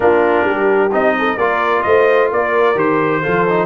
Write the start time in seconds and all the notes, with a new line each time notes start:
0.00 A#3 D4 F4 A#4
0.44 G3 G4
0.92 C4 D#4 D#5
1.18 A4
1.37 A#3 F4 A#4 D5
1.82 A3 C5 D#5
2.31 A#3 A#4 D5
2.75 D#3 G4 C5
3.22 F3 F4 A4
3.49 D#4